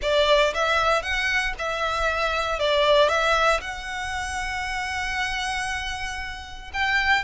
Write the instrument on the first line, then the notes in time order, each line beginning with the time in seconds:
violin
0.02 D5
0.54 E5
1.02 F#5
1.58 E5
2.59 D5
3.08 E5
3.60 F#5
6.73 G5